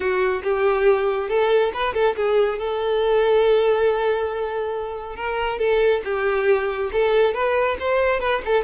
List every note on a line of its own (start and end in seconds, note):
0.00 0.42 F#4
0.43 1.29 G4
1.29 1.72 A4
1.73 1.94 B4
1.94 2.15 A4
2.15 2.58 G#4
2.58 5.16 A4
5.16 5.59 A#4
5.59 6.02 A4
6.04 6.90 G4
6.92 7.34 A4
7.34 7.77 B4
7.79 8.20 C5
8.20 8.41 B4
8.45 8.63 A4